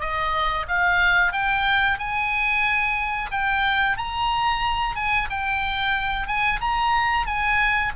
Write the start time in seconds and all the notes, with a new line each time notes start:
0.00 D#5
0.68 F5
1.33 G5
1.99 G#5
3.31 G5
3.97 A#5
4.96 G#5
5.30 G5
6.27 G#5
6.61 A#5
7.27 G#5